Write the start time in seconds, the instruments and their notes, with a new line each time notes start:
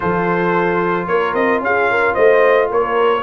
0.00 tuba F3, trombone F4, horn A4, trumpet C5
1.07 tuba A#3, horn A#4, trumpet C#5
1.34 tuba C4, trumpet D#5
1.60 tuba C#4, horn G#4, trumpet F5
1.91 horn A#4
2.14 tuba A3, horn C5, trumpet D#5
2.69 tuba A#3, horn A#4, trumpet C#5